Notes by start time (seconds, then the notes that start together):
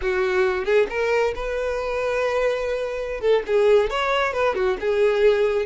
0.01 F#4
0.64 G#4
0.89 A#4
1.35 B4
3.20 A4
3.47 G#4
3.89 C#5
4.33 B4
4.55 F#4
4.80 G#4